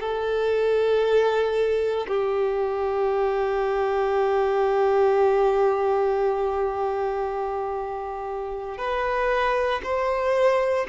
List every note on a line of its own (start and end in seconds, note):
0.00 2.07 A4
2.08 8.77 G4
8.77 9.81 B4
9.83 10.87 C5